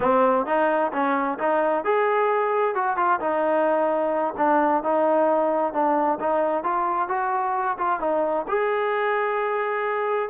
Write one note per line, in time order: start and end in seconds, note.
0.00 0.46 C4
0.46 0.91 D#4
0.92 1.38 C#4
1.39 1.84 D#4
1.84 2.74 G#4
2.74 2.96 F#4
2.96 3.19 F4
3.19 4.34 D#4
4.37 4.83 D4
4.83 5.73 D#4
5.73 6.18 D4
6.20 6.63 D#4
6.63 7.08 F4
7.08 7.77 F#4
7.78 8.00 F4
8.00 8.45 D#4
8.48 10.29 G#4